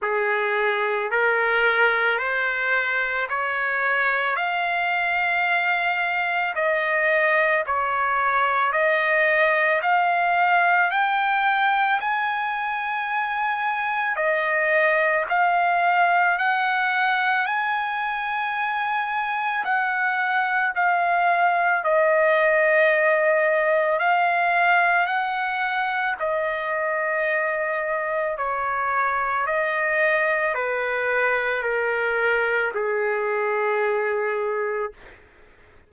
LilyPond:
\new Staff \with { instrumentName = "trumpet" } { \time 4/4 \tempo 4 = 55 gis'4 ais'4 c''4 cis''4 | f''2 dis''4 cis''4 | dis''4 f''4 g''4 gis''4~ | gis''4 dis''4 f''4 fis''4 |
gis''2 fis''4 f''4 | dis''2 f''4 fis''4 | dis''2 cis''4 dis''4 | b'4 ais'4 gis'2 | }